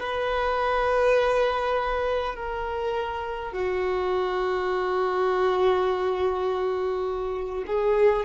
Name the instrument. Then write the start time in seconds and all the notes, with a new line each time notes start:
violin
0.00 B4
2.35 A#4
3.53 F#4
7.67 G#4